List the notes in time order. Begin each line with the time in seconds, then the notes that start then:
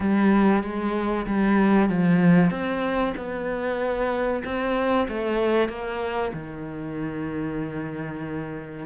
0.00 G3
0.63 G#3
1.26 G3
1.89 F3
2.50 C4
3.16 B3
4.44 C4
5.08 A3
5.68 A#3
6.33 D#3